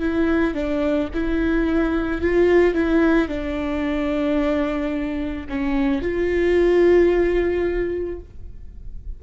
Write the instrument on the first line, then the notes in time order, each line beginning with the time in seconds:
viola
0.00 E4
0.55 D4
1.14 E4
2.22 F4
2.75 E4
3.29 D4
5.49 C#4
6.02 F4